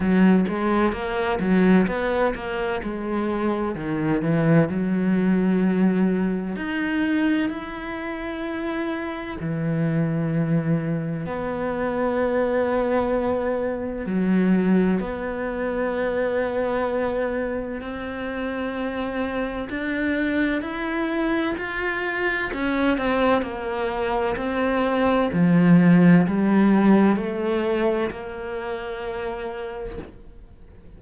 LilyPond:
\new Staff \with { instrumentName = "cello" } { \time 4/4 \tempo 4 = 64 fis8 gis8 ais8 fis8 b8 ais8 gis4 | dis8 e8 fis2 dis'4 | e'2 e2 | b2. fis4 |
b2. c'4~ | c'4 d'4 e'4 f'4 | cis'8 c'8 ais4 c'4 f4 | g4 a4 ais2 | }